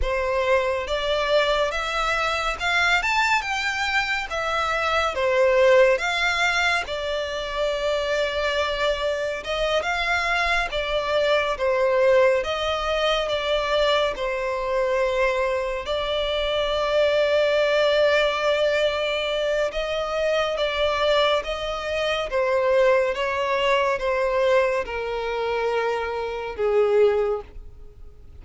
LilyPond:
\new Staff \with { instrumentName = "violin" } { \time 4/4 \tempo 4 = 70 c''4 d''4 e''4 f''8 a''8 | g''4 e''4 c''4 f''4 | d''2. dis''8 f''8~ | f''8 d''4 c''4 dis''4 d''8~ |
d''8 c''2 d''4.~ | d''2. dis''4 | d''4 dis''4 c''4 cis''4 | c''4 ais'2 gis'4 | }